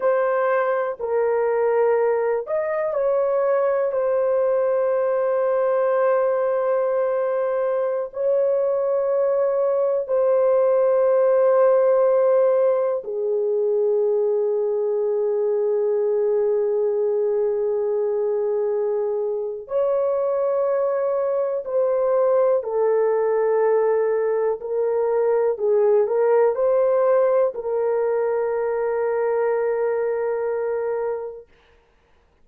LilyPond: \new Staff \with { instrumentName = "horn" } { \time 4/4 \tempo 4 = 61 c''4 ais'4. dis''8 cis''4 | c''1~ | c''16 cis''2 c''4.~ c''16~ | c''4~ c''16 gis'2~ gis'8.~ |
gis'1 | cis''2 c''4 a'4~ | a'4 ais'4 gis'8 ais'8 c''4 | ais'1 | }